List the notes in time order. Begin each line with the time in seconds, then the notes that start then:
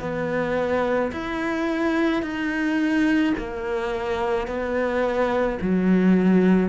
0.00 B3
1.12 E4
2.23 D#4
3.37 A#3
4.47 B3
5.61 F#3